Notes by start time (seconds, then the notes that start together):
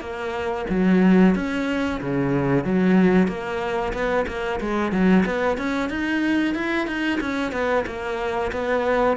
0.00 A#3
0.70 F#3
1.35 C#4
2.01 C#3
2.64 F#3
3.28 A#3
3.93 B3
4.27 A#3
4.60 G#3
4.92 F#3
5.26 B3
5.58 C#4
5.90 D#4
6.55 E4
6.87 D#4
7.20 C#4
7.52 B3
7.86 A#3
8.52 B3